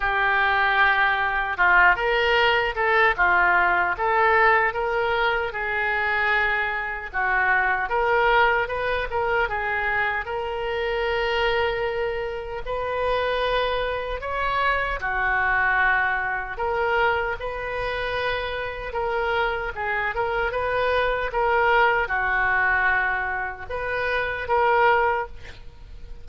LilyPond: \new Staff \with { instrumentName = "oboe" } { \time 4/4 \tempo 4 = 76 g'2 f'8 ais'4 a'8 | f'4 a'4 ais'4 gis'4~ | gis'4 fis'4 ais'4 b'8 ais'8 | gis'4 ais'2. |
b'2 cis''4 fis'4~ | fis'4 ais'4 b'2 | ais'4 gis'8 ais'8 b'4 ais'4 | fis'2 b'4 ais'4 | }